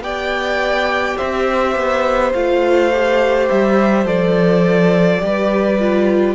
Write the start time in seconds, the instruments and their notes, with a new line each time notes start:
0.00 cello B3, viola G4, violin D5 G5
1.17 cello C4, violin C5 E5
1.76 cello B3
2.33 cello A3, viola F4, violin F5
2.93 viola G4
3.49 cello G3, violin E5
4.05 cello F3, viola A4, violin D5
5.20 cello G3, viola G4, violin B4
5.79 viola F4